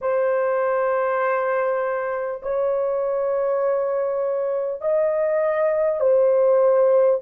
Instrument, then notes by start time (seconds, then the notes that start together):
horn
0.01 C5
2.42 C#5
4.81 D#5
6.00 C5